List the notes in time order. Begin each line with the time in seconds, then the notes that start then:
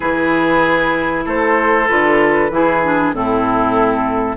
0.00 E3 E4 G#4 B4
1.25 A3 A4 C5
1.88 D3 F4 B4
2.50 E3 E4 G#4
2.82 D4
3.13 A2 C4 E4 A4